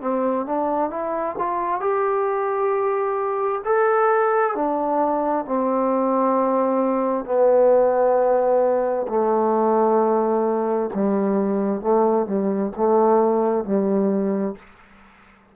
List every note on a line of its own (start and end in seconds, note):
0.00 0.45 C4
0.45 0.90 D4
0.90 1.36 E4
1.38 1.80 F4
1.80 3.62 G4
3.65 4.55 A4
4.55 5.45 D4
5.45 7.24 C4
7.24 9.06 B3
9.08 10.90 A3
10.94 11.81 G3
11.81 12.26 A3
12.26 12.71 G3
12.76 13.64 A3
13.64 14.55 G3